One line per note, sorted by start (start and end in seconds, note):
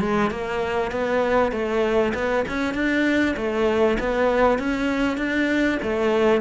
0.00 0.30 G#3
0.30 0.91 A#3
0.91 1.52 B3
1.52 2.13 A3
2.14 2.45 B3
2.48 2.74 C#4
2.74 3.35 D4
3.37 3.98 A3
3.99 4.58 B3
4.58 5.18 C#4
5.18 5.79 D4
5.82 6.41 A3